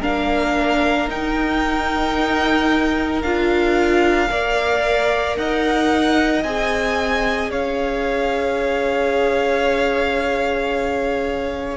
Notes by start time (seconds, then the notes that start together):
0.00 A#3 D4 A#4 F5
1.08 D#4 G5
3.22 D4 F4 F5
4.29 A#3 A#4 D5
5.36 D#4 D#5 F#5
6.43 C4 G#4 G#5
7.51 C#4 C#5 F5